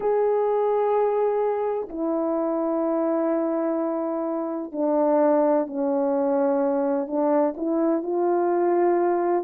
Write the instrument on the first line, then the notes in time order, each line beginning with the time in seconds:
horn
0.00 G#4
1.89 E4
4.72 D4
5.66 C#4
7.07 D4
7.56 E4
8.02 F4